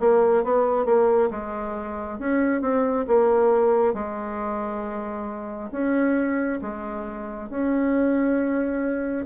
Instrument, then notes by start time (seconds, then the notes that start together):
bassoon
0.00 A#3
0.44 B3
0.86 A#3
1.31 G#3
2.19 C#4
2.62 C4
3.08 A#3
3.94 G#3
5.72 C#4
6.62 G#3
7.50 C#4